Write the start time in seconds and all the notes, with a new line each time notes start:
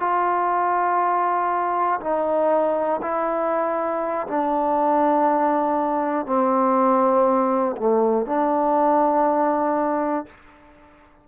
0.00 F4
2.00 D#4
3.02 E4
4.27 D4
6.26 C4
7.77 A3
8.26 D4